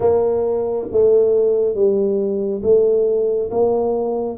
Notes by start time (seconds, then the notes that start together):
0.00 A#3
0.91 A3
1.74 G3
2.62 A3
3.51 A#3